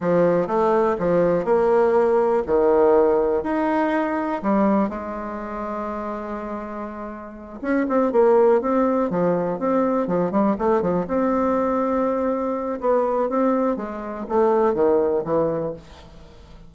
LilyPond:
\new Staff \with { instrumentName = "bassoon" } { \time 4/4 \tempo 4 = 122 f4 a4 f4 ais4~ | ais4 dis2 dis'4~ | dis'4 g4 gis2~ | gis2.~ gis8 cis'8 |
c'8 ais4 c'4 f4 c'8~ | c'8 f8 g8 a8 f8 c'4.~ | c'2 b4 c'4 | gis4 a4 dis4 e4 | }